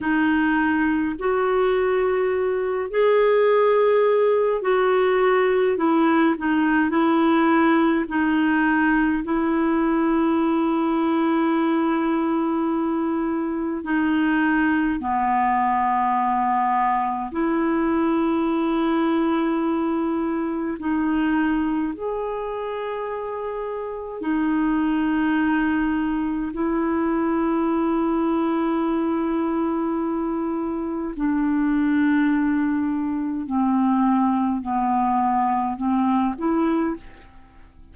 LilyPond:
\new Staff \with { instrumentName = "clarinet" } { \time 4/4 \tempo 4 = 52 dis'4 fis'4. gis'4. | fis'4 e'8 dis'8 e'4 dis'4 | e'1 | dis'4 b2 e'4~ |
e'2 dis'4 gis'4~ | gis'4 dis'2 e'4~ | e'2. d'4~ | d'4 c'4 b4 c'8 e'8 | }